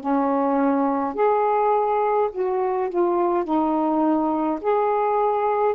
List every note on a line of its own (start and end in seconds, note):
0.00 1.14 C#4
1.14 2.29 G#4
2.31 2.89 F#4
2.89 3.44 F4
3.44 4.59 D#4
4.60 5.74 G#4